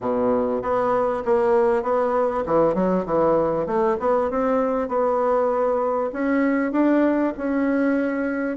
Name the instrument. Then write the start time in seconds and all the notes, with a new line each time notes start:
bassoon
0.01 B2
0.62 B3
1.25 A#3
1.83 B3
2.45 E3
2.74 F#3
3.05 E3
3.66 A3
3.99 B3
4.30 C4
4.88 B3
6.12 C#4
6.72 D4
7.37 C#4